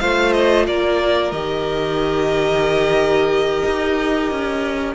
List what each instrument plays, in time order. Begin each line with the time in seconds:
0.00 cello A3, viola F4, violin C5 F5
0.33 violin D#5
0.67 cello A#3, violin A#4 D5
1.32 cello D#3, viola G4, violin D#5
3.66 cello D#4
4.32 cello C#4